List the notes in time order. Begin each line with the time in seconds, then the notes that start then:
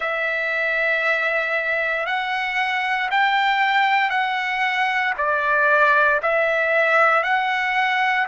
0.00 E5
2.05 F#5
3.10 G5
4.10 F#5
5.17 D5
6.22 E5
7.23 F#5